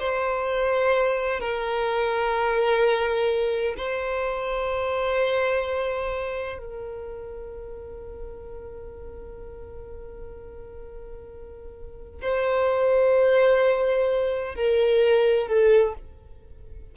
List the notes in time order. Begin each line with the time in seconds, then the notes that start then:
0.00 C5
1.40 A#4
3.78 C5
6.58 A#4
12.22 C5
14.56 A#4
15.48 A4